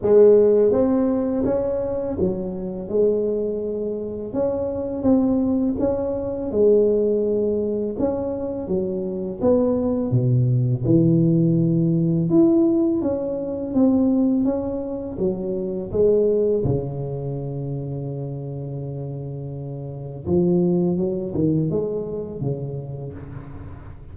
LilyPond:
\new Staff \with { instrumentName = "tuba" } { \time 4/4 \tempo 4 = 83 gis4 c'4 cis'4 fis4 | gis2 cis'4 c'4 | cis'4 gis2 cis'4 | fis4 b4 b,4 e4~ |
e4 e'4 cis'4 c'4 | cis'4 fis4 gis4 cis4~ | cis1 | f4 fis8 dis8 gis4 cis4 | }